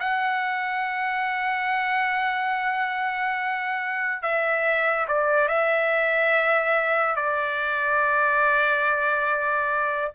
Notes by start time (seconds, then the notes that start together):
0.00 F#5
4.23 E5
5.08 D5
5.49 E5
7.16 D5